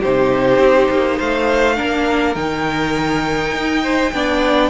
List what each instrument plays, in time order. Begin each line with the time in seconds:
0.00 cello C3, viola D#4, violin G4 C5
0.58 cello C4
0.90 cello A#3
1.17 cello A3, violin C5 F5
1.75 cello A#3, viola D4, violin A#4
2.35 cello D#3, viola D#4, violin G5
3.53 cello D#4
3.82 violin C5
4.12 cello B3, viola D4, violin D5